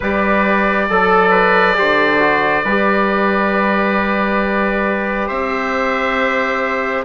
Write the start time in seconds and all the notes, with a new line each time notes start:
0.00 G3 G4 B4 D5
0.89 F#3 A4
1.30 B4
1.74 D3 G4 C5
2.19 F#4
2.64 G3 G4 B4
5.27 C4 C5 E5